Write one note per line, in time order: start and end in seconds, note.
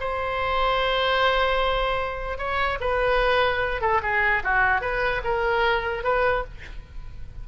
0.00 2.38 C5
2.38 2.78 C#5
2.81 3.81 B4
3.81 4.01 A4
4.02 4.43 G#4
4.44 4.81 F#4
4.81 5.21 B4
5.24 6.04 A#4
6.04 6.44 B4